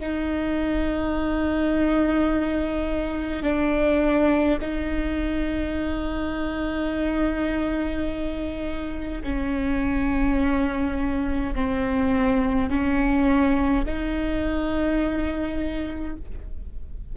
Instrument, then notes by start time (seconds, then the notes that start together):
viola
0.00 D#4
3.43 D4
4.61 D#4
9.24 C#4
11.55 C4
12.70 C#4
13.86 D#4